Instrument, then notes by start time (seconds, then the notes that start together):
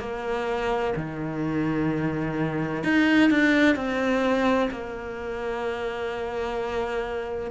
cello
0.00 A#3
0.96 D#3
2.84 D#4
3.31 D4
3.76 C4
4.71 A#3